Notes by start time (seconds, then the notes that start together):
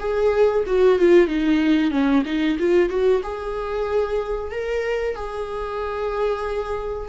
0.00 G#4
0.67 F#4
0.99 F4
1.28 D#4
1.91 C#4
2.26 D#4
2.59 F4
2.90 F#4
3.23 G#4
4.52 A#4
5.16 G#4